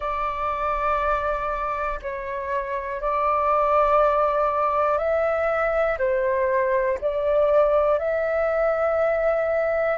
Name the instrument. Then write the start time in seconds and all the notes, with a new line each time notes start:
flute
0.00 D5
2.02 C#5
3.00 D5
4.97 E5
5.98 C5
7.00 D5
7.99 E5